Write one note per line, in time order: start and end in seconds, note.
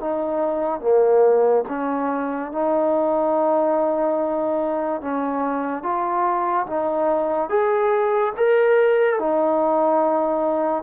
0.00 0.81 D#4
0.81 1.64 A#3
1.69 2.52 C#4
2.52 5.02 D#4
5.02 5.83 C#4
5.83 6.66 F4
6.67 7.50 D#4
7.50 8.33 G#4
8.37 9.19 A#4
9.19 10.83 D#4